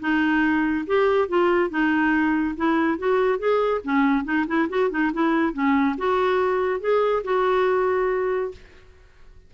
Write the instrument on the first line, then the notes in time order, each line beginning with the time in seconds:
clarinet
0.00 D#4
0.87 G4
1.28 F4
1.70 D#4
2.56 E4
2.98 F#4
3.38 G#4
3.84 C#4
4.24 D#4
4.47 E4
4.69 F#4
4.90 D#4
5.13 E4
5.53 C#4
5.98 F#4
6.80 G#4
7.24 F#4